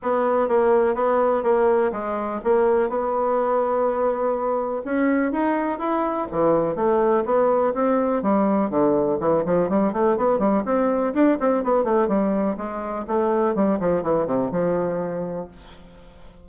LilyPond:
\new Staff \with { instrumentName = "bassoon" } { \time 4/4 \tempo 4 = 124 b4 ais4 b4 ais4 | gis4 ais4 b2~ | b2 cis'4 dis'4 | e'4 e4 a4 b4 |
c'4 g4 d4 e8 f8 | g8 a8 b8 g8 c'4 d'8 c'8 | b8 a8 g4 gis4 a4 | g8 f8 e8 c8 f2 | }